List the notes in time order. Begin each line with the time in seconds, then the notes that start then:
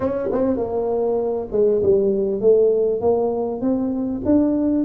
0.00 C#4
0.32 C4
0.56 A#3
1.51 G#3
1.82 G3
2.40 A3
3.00 A#3
3.61 C4
4.25 D4